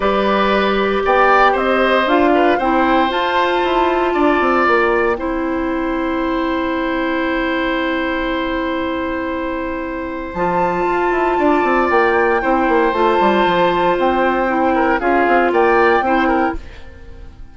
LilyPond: <<
  \new Staff \with { instrumentName = "flute" } { \time 4/4 \tempo 4 = 116 d''2 g''4 dis''4 | f''4 g''4 a''2~ | a''4 g''2.~ | g''1~ |
g''1 | a''2. g''4~ | g''4 a''2 g''4~ | g''4 f''4 g''2 | }
  \new Staff \with { instrumentName = "oboe" } { \time 4/4 b'2 d''4 c''4~ | c''8 b'8 c''2. | d''2 c''2~ | c''1~ |
c''1~ | c''2 d''2 | c''1~ | c''8 ais'8 gis'4 d''4 c''8 ais'8 | }
  \new Staff \with { instrumentName = "clarinet" } { \time 4/4 g'1 | f'4 e'4 f'2~ | f'2 e'2~ | e'1~ |
e'1 | f'1 | e'4 f'2. | e'4 f'2 e'4 | }
  \new Staff \with { instrumentName = "bassoon" } { \time 4/4 g2 b4 c'4 | d'4 c'4 f'4 e'4 | d'8 c'8 ais4 c'2~ | c'1~ |
c'1 | f4 f'8 e'8 d'8 c'8 ais4 | c'8 ais8 a8 g8 f4 c'4~ | c'4 cis'8 c'8 ais4 c'4 | }
>>